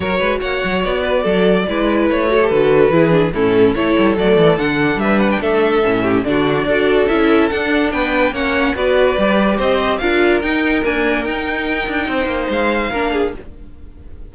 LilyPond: <<
  \new Staff \with { instrumentName = "violin" } { \time 4/4 \tempo 4 = 144 cis''4 fis''4 d''2~ | d''4 cis''4 b'2 | a'4 cis''4 d''4 fis''4 | e''8 fis''16 g''16 e''2 d''4~ |
d''4 e''4 fis''4 g''4 | fis''4 d''2 dis''4 | f''4 g''4 gis''4 g''4~ | g''2 f''2 | }
  \new Staff \with { instrumentName = "violin" } { \time 4/4 ais'8 b'8 cis''4. b'8 a'4 | b'4. a'4. gis'4 | e'4 a'2. | b'4 a'4. g'8 fis'4 |
a'2. b'4 | cis''4 b'2 c''4 | ais'1~ | ais'4 c''2 ais'8 gis'8 | }
  \new Staff \with { instrumentName = "viola" } { \time 4/4 fis'1 | e'4. fis'16 g'16 fis'4 e'8 d'8 | cis'4 e'4 a4 d'4~ | d'2 cis'4 d'4 |
fis'4 e'4 d'2 | cis'4 fis'4 g'2 | f'4 dis'4 ais4 dis'4~ | dis'2. d'4 | }
  \new Staff \with { instrumentName = "cello" } { \time 4/4 fis8 gis8 ais8 fis8 b4 fis4 | gis4 a4 d4 e4 | a,4 a8 g8 fis8 e8 d4 | g4 a4 a,4 d4 |
d'4 cis'4 d'4 b4 | ais4 b4 g4 c'4 | d'4 dis'4 d'4 dis'4~ | dis'8 d'8 c'8 ais8 gis4 ais4 | }
>>